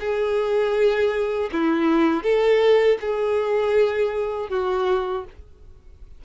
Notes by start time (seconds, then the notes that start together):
0.00 G#4
1.52 E4
2.23 A4
3.01 G#4
4.50 F#4